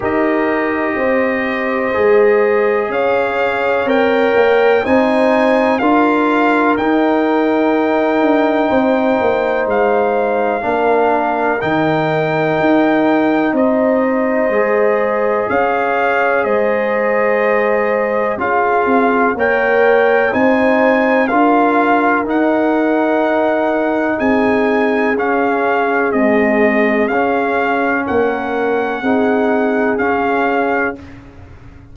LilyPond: <<
  \new Staff \with { instrumentName = "trumpet" } { \time 4/4 \tempo 4 = 62 dis''2. f''4 | g''4 gis''4 f''4 g''4~ | g''2 f''2 | g''2 dis''2 |
f''4 dis''2 f''4 | g''4 gis''4 f''4 fis''4~ | fis''4 gis''4 f''4 dis''4 | f''4 fis''2 f''4 | }
  \new Staff \with { instrumentName = "horn" } { \time 4/4 ais'4 c''2 cis''4~ | cis''4 c''4 ais'2~ | ais'4 c''2 ais'4~ | ais'2 c''2 |
cis''4 c''2 gis'4 | cis''4 c''4 ais'2~ | ais'4 gis'2.~ | gis'4 ais'4 gis'2 | }
  \new Staff \with { instrumentName = "trombone" } { \time 4/4 g'2 gis'2 | ais'4 dis'4 f'4 dis'4~ | dis'2. d'4 | dis'2. gis'4~ |
gis'2. f'4 | ais'4 dis'4 f'4 dis'4~ | dis'2 cis'4 gis4 | cis'2 dis'4 cis'4 | }
  \new Staff \with { instrumentName = "tuba" } { \time 4/4 dis'4 c'4 gis4 cis'4 | c'8 ais8 c'4 d'4 dis'4~ | dis'8 d'8 c'8 ais8 gis4 ais4 | dis4 dis'4 c'4 gis4 |
cis'4 gis2 cis'8 c'8 | ais4 c'4 d'4 dis'4~ | dis'4 c'4 cis'4 c'4 | cis'4 ais4 c'4 cis'4 | }
>>